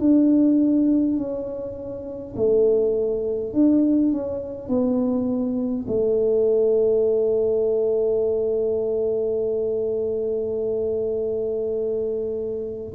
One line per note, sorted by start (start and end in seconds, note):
0.00 1.18 D4
1.18 2.35 C#4
2.36 3.53 A3
3.53 4.12 D4
4.12 4.68 C#4
4.68 5.86 B3
5.88 12.94 A3